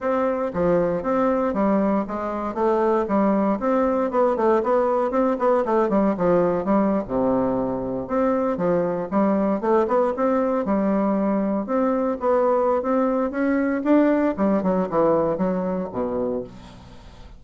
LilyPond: \new Staff \with { instrumentName = "bassoon" } { \time 4/4 \tempo 4 = 117 c'4 f4 c'4 g4 | gis4 a4 g4 c'4 | b8 a8 b4 c'8 b8 a8 g8 | f4 g8. c2 c'16~ |
c'8. f4 g4 a8 b8 c'16~ | c'8. g2 c'4 b16~ | b4 c'4 cis'4 d'4 | g8 fis8 e4 fis4 b,4 | }